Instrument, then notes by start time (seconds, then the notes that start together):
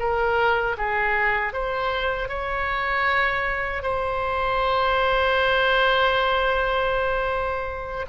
oboe
0.00 A#4
0.78 G#4
1.53 C5
2.29 C#5
3.83 C5